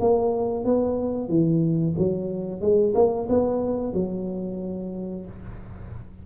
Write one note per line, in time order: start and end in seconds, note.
0.00 0.65 A#3
0.65 1.29 B3
1.29 1.95 E3
1.98 2.61 F#3
2.61 2.94 G#3
2.95 3.28 A#3
3.29 3.94 B3
3.94 5.25 F#3